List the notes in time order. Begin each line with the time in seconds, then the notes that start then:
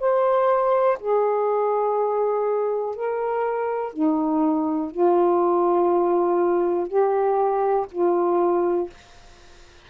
0.00 C5
1.00 G#4
2.96 A#4
3.93 D#4
4.91 F4
6.88 G4
7.92 F4